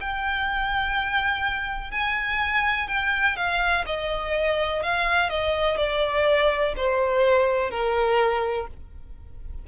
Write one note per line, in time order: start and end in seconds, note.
0.00 1.91 G5
1.91 2.88 G#5
2.88 3.36 G5
3.36 3.84 F5
3.85 4.82 D#5
4.83 5.29 F5
5.29 5.77 D#5
5.77 6.73 D5
6.76 7.70 C5
7.70 8.67 A#4